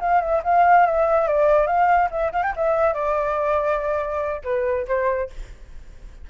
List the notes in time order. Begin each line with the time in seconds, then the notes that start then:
0.00 F5
0.21 E5
0.44 F5
0.86 E5
1.28 D5
1.67 F5
2.11 E5
2.33 F5
2.43 G5
2.56 E5
2.94 D5
4.44 B4
4.88 C5